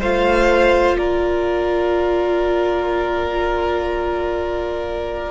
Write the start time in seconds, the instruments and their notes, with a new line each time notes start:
0.00 cello A3, viola F4, violin C5 F5
0.98 cello A#3, violin A#4 D5